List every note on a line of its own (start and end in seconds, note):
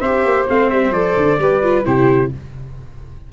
0.00 0.24 C4
0.00 0.48 G4
0.00 1.40 C5
0.00 0.46 E5
0.25 0.48 A#3
0.48 0.71 A3
0.48 0.93 C4
0.48 0.70 F5
0.70 0.91 G3
0.70 0.93 E5
0.91 1.15 F3
0.91 1.39 A4
0.91 1.85 D5
1.17 1.39 D3
1.39 1.85 G3
1.39 1.63 G4
1.39 1.86 B4
1.63 1.85 F4
1.85 2.33 C3
1.85 2.31 E4
1.85 2.32 G4
1.85 2.32 C5